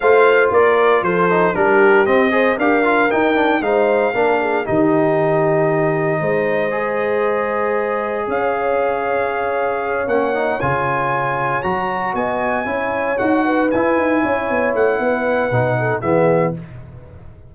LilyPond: <<
  \new Staff \with { instrumentName = "trumpet" } { \time 4/4 \tempo 4 = 116 f''4 d''4 c''4 ais'4 | dis''4 f''4 g''4 f''4~ | f''4 dis''2.~ | dis''1 |
f''2.~ f''8 fis''8~ | fis''8 gis''2 ais''4 gis''8~ | gis''4. fis''4 gis''4.~ | gis''8 fis''2~ fis''8 e''4 | }
  \new Staff \with { instrumentName = "horn" } { \time 4/4 c''4 ais'4 a'4 g'4~ | g'8 c''8 ais'2 c''4 | ais'8 gis'8 g'2. | c''1 |
cis''1~ | cis''2.~ cis''8 dis''8~ | dis''8 cis''4. b'4. cis''8~ | cis''4 b'4. a'8 gis'4 | }
  \new Staff \with { instrumentName = "trombone" } { \time 4/4 f'2~ f'8 dis'8 d'4 | c'8 gis'8 g'8 f'8 dis'8 d'8 dis'4 | d'4 dis'2.~ | dis'4 gis'2.~ |
gis'2.~ gis'8 cis'8 | dis'8 f'2 fis'4.~ | fis'8 e'4 fis'4 e'4.~ | e'2 dis'4 b4 | }
  \new Staff \with { instrumentName = "tuba" } { \time 4/4 a4 ais4 f4 g4 | c'4 d'4 dis'4 gis4 | ais4 dis2. | gis1 |
cis'2.~ cis'8 ais8~ | ais8 cis2 fis4 b8~ | b8 cis'4 dis'4 e'8 dis'8 cis'8 | b8 a8 b4 b,4 e4 | }
>>